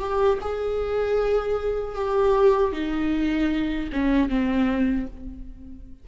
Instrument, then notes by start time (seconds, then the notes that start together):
viola
0.00 G4
0.41 G#4
1.95 G4
2.73 D#4
3.93 C#4
4.29 C4